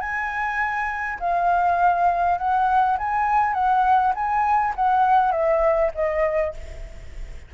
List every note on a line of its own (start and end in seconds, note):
0.00 1.19 G#5
1.20 2.38 F5
2.38 2.97 F#5
2.98 3.54 G#5
3.54 4.13 F#5
4.15 4.74 G#5
4.76 5.32 F#5
5.32 5.91 E5
5.95 6.54 D#5